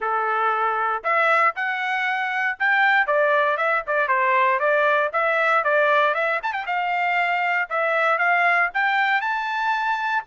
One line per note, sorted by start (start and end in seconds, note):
0.00 1.03 A4
1.03 1.54 E5
1.55 2.58 F#5
2.59 3.06 G5
3.06 3.57 D5
3.57 3.83 E5
3.86 4.08 D5
4.08 4.59 C5
4.59 5.10 D5
5.12 5.63 E5
5.63 6.14 D5
6.14 6.40 E5
6.42 6.52 A5
6.52 6.65 G5
6.66 7.68 F5
7.69 8.18 E5
8.18 8.69 F5
8.73 9.21 G5
9.21 10.23 A5